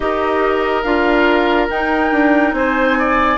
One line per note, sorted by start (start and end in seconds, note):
0.00 0.84 D#4
0.00 0.83 G4
0.00 2.55 A#4
0.00 0.83 D#5
0.83 1.68 D4
0.83 1.69 F4
0.83 1.67 F5
1.70 2.12 D#4
1.70 3.37 D#4
1.70 2.52 G5
2.12 2.52 D4
2.52 3.37 C4
2.52 2.98 C5
2.52 3.37 G#5
2.98 3.37 D5